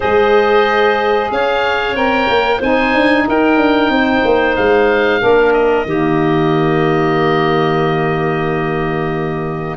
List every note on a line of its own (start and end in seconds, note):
0.00 1.31 G#3
0.00 1.95 G#4
0.00 1.31 C5
0.00 1.31 D#5
1.31 1.94 C#4
1.31 2.57 C#5
1.31 1.96 F5
1.94 2.27 C4
1.94 2.60 A#4
1.94 2.61 G5
2.28 2.60 A#3
2.57 2.94 C4
2.57 5.19 D#4
2.57 3.23 C5
2.57 3.27 G#5
2.94 3.27 D4
3.27 3.57 D#4
3.27 3.92 A#4
3.27 4.56 G5
3.57 3.89 D4
3.89 4.21 C4
3.89 5.21 C5
4.24 4.57 A#3
4.56 5.22 G#3
4.56 5.53 F5
5.19 5.85 A#3
5.19 5.84 D4
5.19 5.86 A#4
5.53 9.77 D#5
5.85 9.76 D#3
5.85 9.77 A#3
5.85 9.77 G4